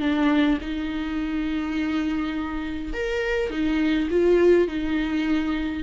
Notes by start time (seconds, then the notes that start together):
0.00 D4
0.61 D#4
2.93 A#4
3.50 D#4
4.10 F4
4.67 D#4